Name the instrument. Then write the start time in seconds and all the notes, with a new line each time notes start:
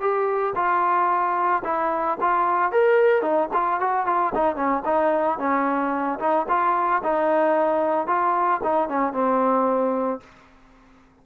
trombone
0.00 G4
0.55 F4
1.64 E4
2.20 F4
2.72 A#4
3.21 D#4
3.53 F4
3.80 F#4
4.06 F4
4.34 D#4
4.56 C#4
4.85 D#4
5.38 C#4
6.19 D#4
6.48 F4
7.03 D#4
8.06 F4
8.63 D#4
8.88 C#4
9.13 C4